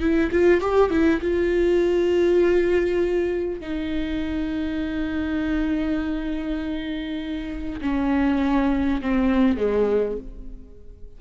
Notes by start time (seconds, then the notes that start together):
0.00 E4
0.32 F4
0.61 G4
0.91 E4
1.21 F4
3.61 D#4
7.82 C#4
9.02 C4
9.58 G#3